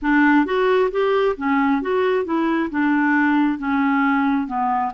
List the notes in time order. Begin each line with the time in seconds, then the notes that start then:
0.02 D4
0.45 F#4
0.91 G4
1.36 C#4
1.81 F#4
2.24 E4
2.70 D4
3.58 C#4
4.47 B3